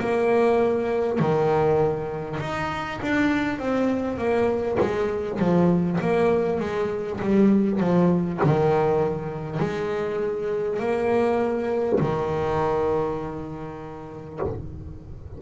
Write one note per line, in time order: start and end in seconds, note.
0.00 1.19 A#3
1.19 2.39 D#3
2.41 3.01 D#4
3.02 3.59 D4
3.59 4.18 C4
4.18 4.78 A#3
4.81 5.39 G#3
5.39 5.99 F3
6.01 6.60 A#3
6.60 7.20 G#3
7.21 7.81 G3
7.81 8.41 F3
8.43 9.59 D#3
9.59 10.79 G#3
10.79 11.99 A#3
12.01 14.41 D#3